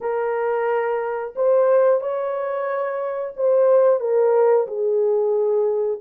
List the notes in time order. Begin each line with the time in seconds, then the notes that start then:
0.00 A#4
1.35 C5
2.00 C#5
3.36 C5
4.00 A#4
4.67 G#4